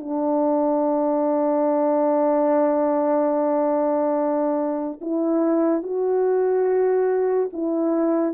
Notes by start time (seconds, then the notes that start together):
0.00 D4
5.02 E4
5.83 F#4
7.53 E4